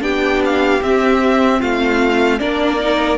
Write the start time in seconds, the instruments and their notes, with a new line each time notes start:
0.00 cello B3, viola D4, violin G4 G5
0.45 violin F5
0.82 cello C4, viola C4, violin E5
1.59 cello A3, violin F4 F5
2.39 cello A#3, viola D4, violin A#4 D5
2.79 viola D#4